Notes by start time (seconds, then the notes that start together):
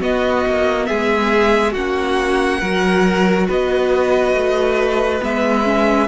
0.00 B3 F#4 D#5
0.47 A#3
0.86 G#3 G#4 E5
1.72 A#3 C#4 F#4 F#5
2.60 F#3 F#4 A#4
3.48 B3 B4 D#5
4.34 A3
5.22 G#3 B3 E5
5.64 C#4